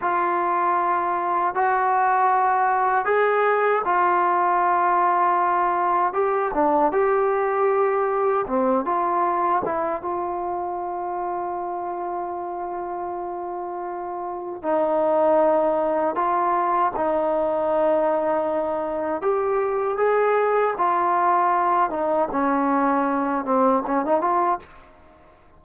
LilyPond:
\new Staff \with { instrumentName = "trombone" } { \time 4/4 \tempo 4 = 78 f'2 fis'2 | gis'4 f'2. | g'8 d'8 g'2 c'8 f'8~ | f'8 e'8 f'2.~ |
f'2. dis'4~ | dis'4 f'4 dis'2~ | dis'4 g'4 gis'4 f'4~ | f'8 dis'8 cis'4. c'8 cis'16 dis'16 f'8 | }